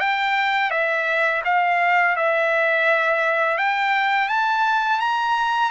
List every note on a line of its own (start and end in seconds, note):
0.00 0.71 G5
0.71 1.43 E5
1.45 2.17 F5
2.17 3.58 E5
3.58 4.29 G5
4.29 5.00 A5
5.00 5.71 A#5